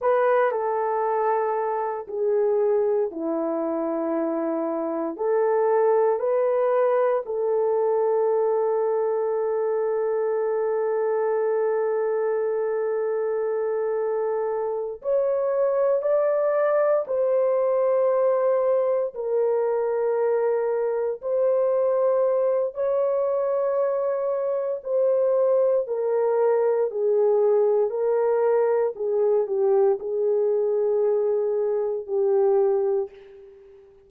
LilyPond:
\new Staff \with { instrumentName = "horn" } { \time 4/4 \tempo 4 = 58 b'8 a'4. gis'4 e'4~ | e'4 a'4 b'4 a'4~ | a'1~ | a'2~ a'8 cis''4 d''8~ |
d''8 c''2 ais'4.~ | ais'8 c''4. cis''2 | c''4 ais'4 gis'4 ais'4 | gis'8 g'8 gis'2 g'4 | }